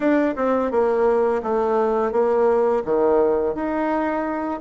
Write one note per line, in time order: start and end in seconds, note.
0.00 0.34 D4
0.36 0.71 C4
0.71 1.41 A#3
1.42 2.12 A3
2.12 2.82 A#3
2.85 3.54 D#3
3.54 4.60 D#4